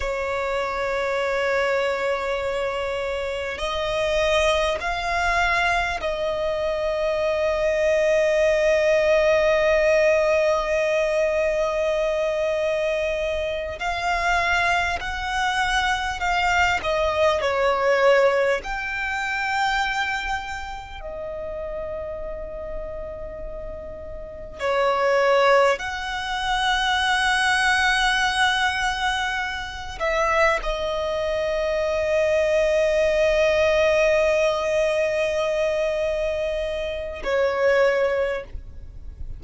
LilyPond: \new Staff \with { instrumentName = "violin" } { \time 4/4 \tempo 4 = 50 cis''2. dis''4 | f''4 dis''2.~ | dis''2.~ dis''8 f''8~ | f''8 fis''4 f''8 dis''8 cis''4 g''8~ |
g''4. dis''2~ dis''8~ | dis''8 cis''4 fis''2~ fis''8~ | fis''4 e''8 dis''2~ dis''8~ | dis''2. cis''4 | }